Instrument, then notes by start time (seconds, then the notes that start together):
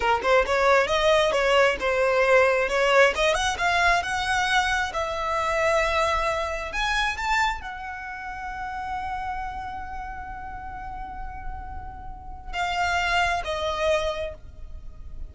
violin
0.00 A#4
0.22 C5
0.45 C#5
0.87 D#5
1.31 C#5
1.80 C5
2.68 C#5
3.15 D#5
3.34 F#5
3.58 F5
4.02 F#5
4.93 E5
6.72 G#5
7.17 A5
7.61 F#5
12.52 F5
13.44 D#5